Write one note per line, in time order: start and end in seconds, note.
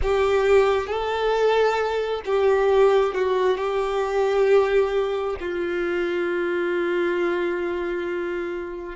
0.02 0.87 G4
0.87 2.21 A4
2.25 3.14 G4
3.14 3.57 F#4
3.57 5.36 G4
5.40 8.96 F4